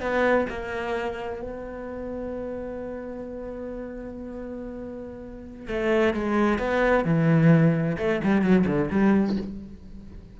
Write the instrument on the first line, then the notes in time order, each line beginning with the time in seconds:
cello
0.00 B3
0.49 A#3
1.41 B3
5.67 A3
6.13 G#3
6.58 B3
7.04 E3
7.97 A3
8.23 G3
8.41 F#3
8.66 D3
8.90 G3